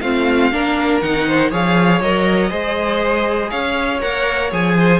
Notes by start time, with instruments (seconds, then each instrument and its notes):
0.00 cello A3, viola C4, violin F4 F5
0.51 cello A#3, viola D4, violin A#4
1.01 cello D#3, viola D#4, violin F#5
1.28 violin C5
1.51 cello F3, viola G#4, violin C#5 F5
2.01 cello F#3, viola A#4, violin D#5
2.49 cello G#3, viola G#4, violin C5
3.50 cello C#4, violin C#5 F5
4.01 cello A#3, viola A#4, violin F#5
4.51 cello F3, viola G#4, violin G#5
4.78 violin C5